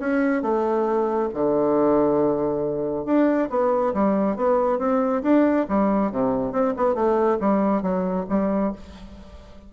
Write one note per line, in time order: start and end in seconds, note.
0.00 0.42 C#4
0.42 1.29 A3
1.34 3.06 D3
3.06 3.49 D4
3.50 3.93 B3
3.94 4.36 G3
4.36 4.79 B3
4.79 5.23 C4
5.23 5.67 D4
5.69 6.12 G3
6.12 6.53 C3
6.53 6.74 C4
6.77 6.95 B3
6.95 7.38 A3
7.41 7.82 G3
7.82 8.26 F#3
8.29 8.73 G3